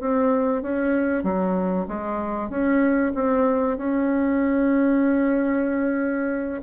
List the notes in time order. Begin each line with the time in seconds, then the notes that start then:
0.00 C4
0.62 C#4
1.23 F#3
1.88 G#3
2.49 C#4
3.14 C4
3.77 C#4